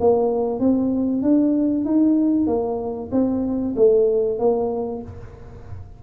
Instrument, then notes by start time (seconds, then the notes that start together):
tuba
0.00 A#3
0.59 C4
1.22 D4
1.85 D#4
2.47 A#3
3.11 C4
3.76 A3
4.39 A#3